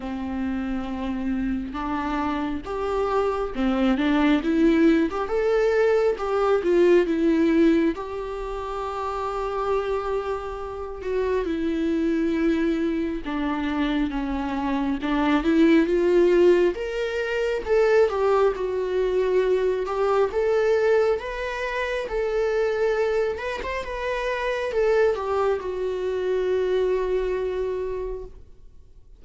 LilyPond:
\new Staff \with { instrumentName = "viola" } { \time 4/4 \tempo 4 = 68 c'2 d'4 g'4 | c'8 d'8 e'8. g'16 a'4 g'8 f'8 | e'4 g'2.~ | g'8 fis'8 e'2 d'4 |
cis'4 d'8 e'8 f'4 ais'4 | a'8 g'8 fis'4. g'8 a'4 | b'4 a'4. b'16 c''16 b'4 | a'8 g'8 fis'2. | }